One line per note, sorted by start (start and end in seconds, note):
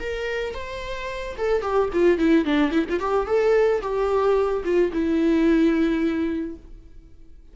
0.00 0.54 A#4
0.54 1.36 C5
1.38 1.62 A4
1.62 1.89 G4
1.93 2.18 F4
2.18 2.45 E4
2.45 2.71 D4
2.71 2.85 E4
2.89 3.00 F4
3.00 3.27 G4
3.27 3.81 A4
3.82 4.63 G4
4.64 4.91 F4
4.92 6.56 E4